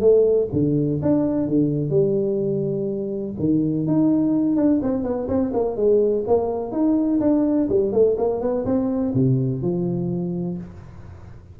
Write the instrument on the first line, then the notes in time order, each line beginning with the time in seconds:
tuba
0.00 A3
0.52 D3
1.02 D4
1.48 D3
1.90 G3
3.39 D#3
3.87 D#4
4.56 D4
4.82 C4
5.03 B3
5.28 C4
5.53 A#3
5.76 G#3
6.27 A#3
6.72 D#4
7.20 D4
7.69 G3
7.92 A3
8.18 A#3
8.41 B3
8.65 C4
9.14 C3
9.62 F3